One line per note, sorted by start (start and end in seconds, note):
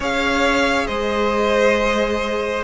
0.00 0.86 C#4
0.00 2.64 G#4
0.00 0.87 C#5
0.00 0.87 F5
0.87 2.64 G#3
0.87 2.63 C5
0.87 2.63 D#5